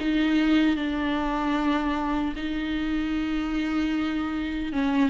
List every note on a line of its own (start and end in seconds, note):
0.00 0.76 D#4
0.76 2.34 D4
2.36 4.73 D#4
4.73 5.10 C#4